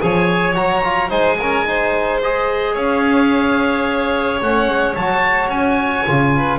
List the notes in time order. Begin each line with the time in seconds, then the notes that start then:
0.00 F3 G#4 C#5 G#5
0.54 F#3 F#4 A#5
0.84 F4
1.09 G#3 D#4 C5 G#5
1.39 C#4 A#4
1.66 D#4 C5
2.22 G#4 D#5
2.73 C#4 C#5 F5
4.41 A3 C#4 F#5
4.68 G#3
4.95 F#3 F#4 A5
5.48 C#4 G#5
6.07 C#3 F4
6.36 B4